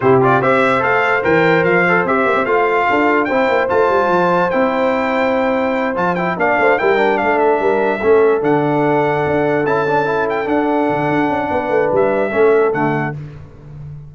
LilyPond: <<
  \new Staff \with { instrumentName = "trumpet" } { \time 4/4 \tempo 4 = 146 c''8 d''8 e''4 f''4 g''4 | f''4 e''4 f''2 | g''4 a''2 g''4~ | g''2~ g''8 a''8 g''8 f''8~ |
f''8 g''4 f''8 e''2~ | e''8 fis''2. a''8~ | a''4 g''8 fis''2~ fis''8~ | fis''4 e''2 fis''4 | }
  \new Staff \with { instrumentName = "horn" } { \time 4/4 g'4 c''2.~ | c''2. a'4 | c''1~ | c''2.~ c''8 d''8 |
c''8 ais'4 a'4 ais'4 a'8~ | a'1~ | a'1 | b'2 a'2 | }
  \new Staff \with { instrumentName = "trombone" } { \time 4/4 e'8 f'8 g'4 a'4 ais'4~ | ais'8 a'8 g'4 f'2 | e'4 f'2 e'4~ | e'2~ e'8 f'8 e'8 d'8~ |
d'8 e'8 d'2~ d'8 cis'8~ | cis'8 d'2. e'8 | d'8 e'4 d'2~ d'8~ | d'2 cis'4 a4 | }
  \new Staff \with { instrumentName = "tuba" } { \time 4/4 c4 c'4 a4 e4 | f4 c'8 ais16 c'16 a4 d'4 | c'8 ais8 a8 g8 f4 c'4~ | c'2~ c'8 f4 ais8 |
a8 g4 a4 g4 a8~ | a8 d2 d'4 cis'8~ | cis'4. d'4 d8 d'8 cis'8 | b8 a8 g4 a4 d4 | }
>>